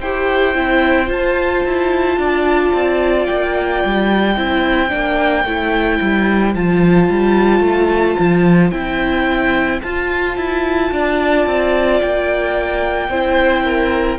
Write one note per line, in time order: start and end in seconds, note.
0.00 0.55 E4
0.00 0.55 G4
0.00 2.18 C5
0.00 1.09 G5
0.55 1.09 C4
0.55 1.07 E4
1.07 4.34 F4
1.07 1.64 F4
1.07 3.26 A5
1.64 2.17 E4
2.17 2.71 D4
2.17 4.37 D5
2.73 3.28 C4
3.26 3.83 A#3
3.26 6.53 G5
3.84 4.37 G3
4.36 4.91 C4
4.36 4.89 E4
4.36 10.91 C5
4.89 5.44 A#3
4.89 5.43 D4
5.44 5.99 A3
5.44 6.54 E4
6.01 6.54 G3
6.54 7.09 F3
6.54 8.71 F4
6.54 8.70 A5
7.09 7.60 G3
7.60 8.14 A3
8.19 8.71 F3
8.70 9.80 C4
8.70 9.80 E4
8.70 9.79 G5
9.82 13.10 F4
9.82 10.36 F4
9.82 12.00 A5
10.36 10.91 E4
10.92 11.46 D4
10.92 13.09 D5
11.46 12.00 C4
12.00 13.08 A#3
12.00 14.19 G5
13.08 14.17 C4
13.08 14.19 E4
13.08 13.64 C5
13.64 14.18 A#4